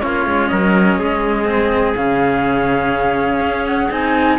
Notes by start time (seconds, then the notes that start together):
0.00 A#3 C#4 F4 C#5
0.26 G#3
0.48 F#3 A#4 D#5
0.99 G#3 G#4
1.45 C4
1.96 C#3 C#4 F5
3.40 C#4
3.67 F#5
3.91 C4 D#4 G#5